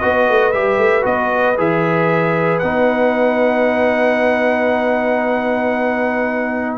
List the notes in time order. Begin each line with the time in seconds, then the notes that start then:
0.00 B3 F#4 B4 D#5
0.29 A3
0.52 G3 G4 E5
0.78 A3
1.02 B3 F#4 D#5
1.58 E3 G#4 E5
2.59 B3 D#4 F#5